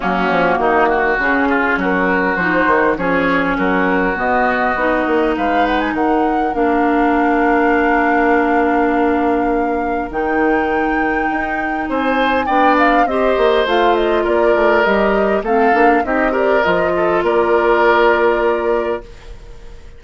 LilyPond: <<
  \new Staff \with { instrumentName = "flute" } { \time 4/4 \tempo 4 = 101 fis'2 gis'4 ais'4 | c''4 cis''4 ais'4 dis''4~ | dis''4 f''8 fis''16 gis''16 fis''4 f''4~ | f''1~ |
f''4 g''2. | gis''4 g''8 f''8 dis''4 f''8 dis''8 | d''4 dis''4 f''4 dis''8 d''8 | dis''4 d''2. | }
  \new Staff \with { instrumentName = "oboe" } { \time 4/4 cis'4 dis'8 fis'4 f'8 fis'4~ | fis'4 gis'4 fis'2~ | fis'4 b'4 ais'2~ | ais'1~ |
ais'1 | c''4 d''4 c''2 | ais'2 a'4 g'8 ais'8~ | ais'8 a'8 ais'2. | }
  \new Staff \with { instrumentName = "clarinet" } { \time 4/4 ais2 cis'2 | dis'4 cis'2 b4 | dis'2. d'4~ | d'1~ |
d'4 dis'2.~ | dis'4 d'4 g'4 f'4~ | f'4 g'4 c'8 d'8 dis'8 g'8 | f'1 | }
  \new Staff \with { instrumentName = "bassoon" } { \time 4/4 fis8 f8 dis4 cis4 fis4 | f8 dis8 f4 fis4 b,4 | b8 ais8 gis4 dis4 ais4~ | ais1~ |
ais4 dis2 dis'4 | c'4 b4 c'8 ais8 a4 | ais8 a8 g4 a8 ais8 c'4 | f4 ais2. | }
>>